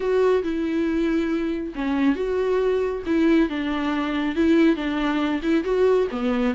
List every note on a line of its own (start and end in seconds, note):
0.00 0.42 F#4
0.43 1.73 E4
1.75 2.15 C#4
2.15 3.02 F#4
3.06 3.49 E4
3.49 4.35 D4
4.35 4.76 E4
4.76 5.41 D4
5.42 5.64 E4
5.64 6.07 F#4
6.11 6.54 B3